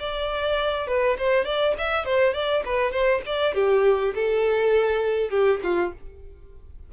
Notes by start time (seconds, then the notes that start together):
0.00 D5
0.88 B4
1.19 C5
1.45 D5
1.78 E5
2.06 C5
2.34 D5
2.66 B4
2.92 C5
3.26 D5
3.55 G4
4.15 A4
5.31 G4
5.64 F4